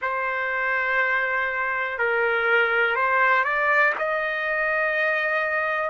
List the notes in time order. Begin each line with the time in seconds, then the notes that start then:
0.01 C5
1.98 A#4
2.95 C5
3.43 D5
3.98 D#5